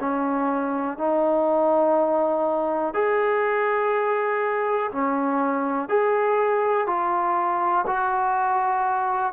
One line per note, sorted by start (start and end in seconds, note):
0.00 0.97 C#4
0.97 2.94 D#4
2.94 4.90 G#4
4.91 5.89 C#4
5.89 6.87 G#4
6.87 7.85 F4
7.87 9.33 F#4